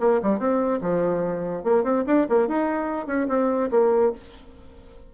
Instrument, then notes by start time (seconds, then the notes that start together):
bassoon
0.00 A#3
0.22 G3
0.39 C4
0.81 F3
1.64 A#3
1.84 C4
2.07 D4
2.29 A#3
2.48 D#4
3.07 C#4
3.29 C4
3.71 A#3